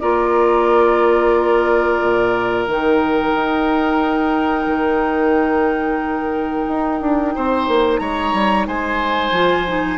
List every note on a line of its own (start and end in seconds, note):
0.00 2.01 A#3
0.00 2.67 F4
0.00 7.35 A#4
0.00 2.66 D5
2.01 2.67 A#2
2.66 3.34 D#3
2.66 9.35 D#4
2.66 7.98 G5
3.34 4.66 D#4
4.66 6.66 D#3
6.68 7.01 D#4
7.01 7.34 D4
7.35 7.68 C4
7.35 8.01 C5
7.68 8.00 A#3
7.98 8.33 G#3
7.98 8.67 C#5
7.98 8.65 A#5
8.33 8.67 G3
8.67 9.31 G#3
8.67 9.97 C5
8.67 9.97 G#5
9.31 9.97 F3
9.31 9.68 F4
9.68 9.97 D#4